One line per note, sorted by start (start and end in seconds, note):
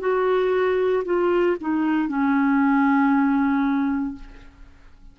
0.00 1.03 F#4
1.05 1.57 F4
1.61 2.09 D#4
2.09 4.16 C#4